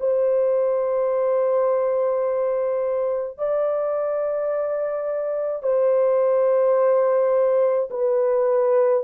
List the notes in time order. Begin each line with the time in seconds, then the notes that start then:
0.00 C5
3.38 D5
5.63 C5
7.90 B4